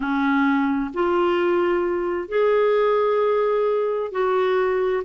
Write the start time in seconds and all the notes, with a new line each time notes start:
0.00 C#4
0.93 F4
2.28 G#4
4.11 F#4